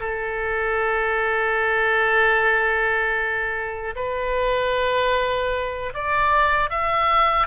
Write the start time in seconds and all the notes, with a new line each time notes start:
0.00 A4
3.95 B4
5.94 D5
6.70 E5